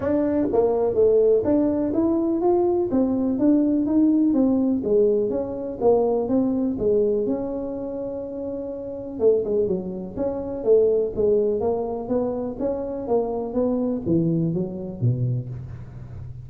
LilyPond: \new Staff \with { instrumentName = "tuba" } { \time 4/4 \tempo 4 = 124 d'4 ais4 a4 d'4 | e'4 f'4 c'4 d'4 | dis'4 c'4 gis4 cis'4 | ais4 c'4 gis4 cis'4~ |
cis'2. a8 gis8 | fis4 cis'4 a4 gis4 | ais4 b4 cis'4 ais4 | b4 e4 fis4 b,4 | }